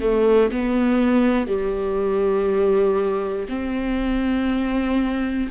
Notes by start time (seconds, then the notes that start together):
0.00 A3
0.51 B3
1.47 G3
3.49 C4